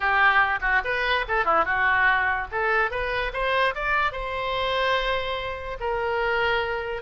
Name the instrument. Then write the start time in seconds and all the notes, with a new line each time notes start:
oboe
0.00 G4
0.61 F#4
0.84 B4
1.28 A4
1.44 E4
1.64 F#4
2.51 A4
2.90 B4
3.33 C5
3.74 D5
4.12 C5
5.80 A#4